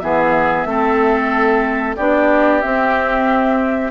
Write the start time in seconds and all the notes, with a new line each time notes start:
0.00 E3 B3 G#4 E5
0.65 A3 C4 A4
1.96 B3 D4 G4 D5
2.62 C4 E5